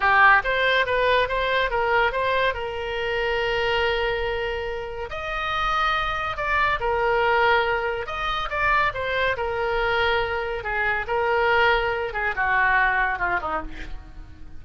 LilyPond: \new Staff \with { instrumentName = "oboe" } { \time 4/4 \tempo 4 = 141 g'4 c''4 b'4 c''4 | ais'4 c''4 ais'2~ | ais'1 | dis''2. d''4 |
ais'2. dis''4 | d''4 c''4 ais'2~ | ais'4 gis'4 ais'2~ | ais'8 gis'8 fis'2 f'8 dis'8 | }